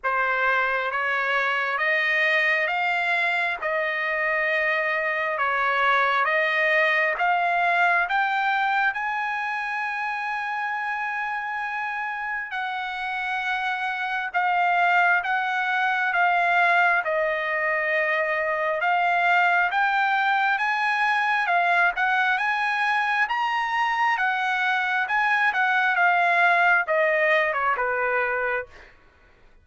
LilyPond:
\new Staff \with { instrumentName = "trumpet" } { \time 4/4 \tempo 4 = 67 c''4 cis''4 dis''4 f''4 | dis''2 cis''4 dis''4 | f''4 g''4 gis''2~ | gis''2 fis''2 |
f''4 fis''4 f''4 dis''4~ | dis''4 f''4 g''4 gis''4 | f''8 fis''8 gis''4 ais''4 fis''4 | gis''8 fis''8 f''4 dis''8. cis''16 b'4 | }